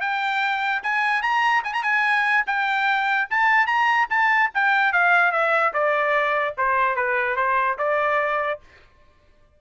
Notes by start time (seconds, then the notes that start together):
0.00 G5
0.83 G#5
1.22 A#5
1.63 G#5
1.73 A#5
1.83 G#5
2.46 G5
3.30 A5
3.66 A#5
4.09 A5
4.54 G5
4.92 F5
5.31 E5
5.73 D5
6.57 C5
6.95 B4
7.36 C5
7.78 D5